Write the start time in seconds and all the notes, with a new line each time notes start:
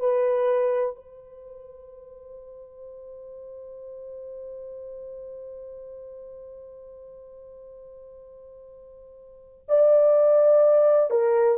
0.00 B4
0.95 C5
9.68 D5
11.10 A#4